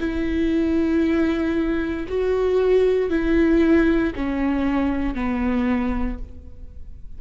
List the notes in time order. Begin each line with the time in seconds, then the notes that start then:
0.00 E4
2.08 F#4
3.10 E4
4.15 C#4
5.15 B3